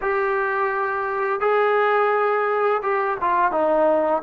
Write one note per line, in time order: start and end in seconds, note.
0.01 1.40 G4
1.40 2.81 G#4
2.82 3.17 G4
3.21 3.51 F4
3.51 4.22 D#4